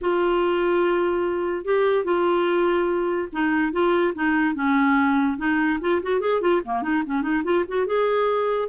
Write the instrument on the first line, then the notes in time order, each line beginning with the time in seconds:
clarinet
0.01 F4
1.65 G4
2.04 F4
3.32 D#4
3.72 F4
4.14 D#4
4.54 C#4
5.37 D#4
5.80 F4
6.02 F#4
6.20 G#4
6.41 F4
6.65 A#3
6.82 D#4
7.06 C#4
7.22 D#4
7.44 F4
7.68 F#4
7.86 G#4